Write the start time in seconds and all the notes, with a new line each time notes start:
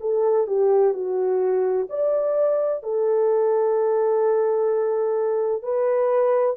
0.00 A4
0.46 G4
0.93 F#4
1.89 D5
2.83 A4
5.62 B4